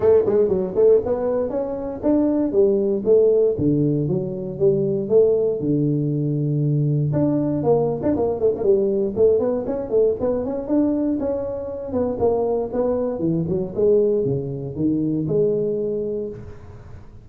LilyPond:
\new Staff \with { instrumentName = "tuba" } { \time 4/4 \tempo 4 = 118 a8 gis8 fis8 a8 b4 cis'4 | d'4 g4 a4 d4 | fis4 g4 a4 d4~ | d2 d'4 ais8. d'16 |
ais8 a16 ais16 g4 a8 b8 cis'8 a8 | b8 cis'8 d'4 cis'4. b8 | ais4 b4 e8 fis8 gis4 | cis4 dis4 gis2 | }